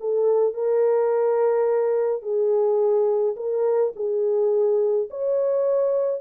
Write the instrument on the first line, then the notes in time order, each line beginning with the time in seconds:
horn
0.00 A4
0.53 A#4
2.22 G#4
3.36 A#4
3.95 G#4
5.10 C#5